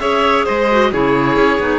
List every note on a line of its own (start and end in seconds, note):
0.00 0.46 C#4
0.00 0.68 G#4
0.00 0.46 C#5
0.00 0.45 E5
0.46 0.93 G#3
0.46 0.91 C5
0.46 0.93 D#5
0.71 0.93 F#4
0.92 1.36 C#3
0.92 1.60 E4
0.92 1.80 G#4
0.92 1.80 C#5
1.36 1.59 C#4
1.60 1.80 B3
1.60 1.80 D#4